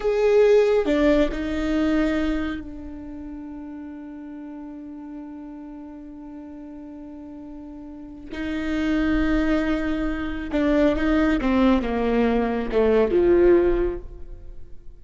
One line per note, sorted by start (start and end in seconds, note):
0.00 0.85 G#4
0.85 1.29 D4
1.31 2.60 D#4
2.60 8.30 D4
8.32 10.50 D#4
10.52 10.95 D4
10.96 11.39 D#4
11.40 11.81 C4
11.81 12.69 A#3
12.72 13.11 A3
13.11 13.98 F3